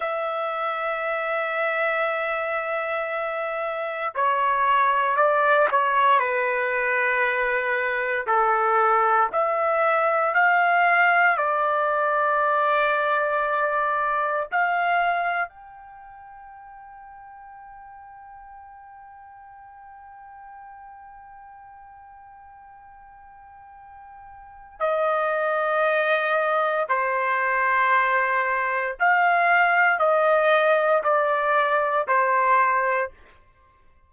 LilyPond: \new Staff \with { instrumentName = "trumpet" } { \time 4/4 \tempo 4 = 58 e''1 | cis''4 d''8 cis''8 b'2 | a'4 e''4 f''4 d''4~ | d''2 f''4 g''4~ |
g''1~ | g''1 | dis''2 c''2 | f''4 dis''4 d''4 c''4 | }